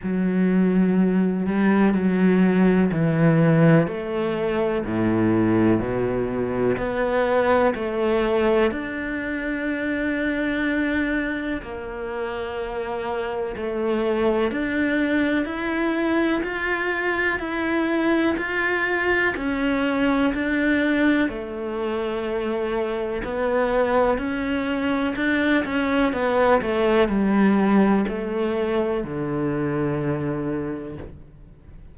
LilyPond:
\new Staff \with { instrumentName = "cello" } { \time 4/4 \tempo 4 = 62 fis4. g8 fis4 e4 | a4 a,4 b,4 b4 | a4 d'2. | ais2 a4 d'4 |
e'4 f'4 e'4 f'4 | cis'4 d'4 a2 | b4 cis'4 d'8 cis'8 b8 a8 | g4 a4 d2 | }